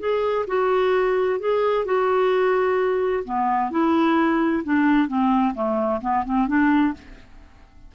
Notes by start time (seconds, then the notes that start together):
0.00 G#4
0.48 F#4
1.40 G#4
1.85 F#4
3.25 B3
3.71 E4
4.65 D4
5.08 C4
5.55 A3
6.02 B3
6.26 C4
6.48 D4